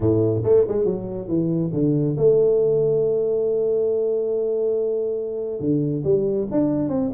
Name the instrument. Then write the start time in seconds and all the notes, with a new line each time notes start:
tuba
0.00 A2
0.43 A3
0.68 G#3
0.85 F#3
1.28 E3
1.73 D3
2.17 A3
5.60 D3
6.04 G3
6.51 D4
6.88 C4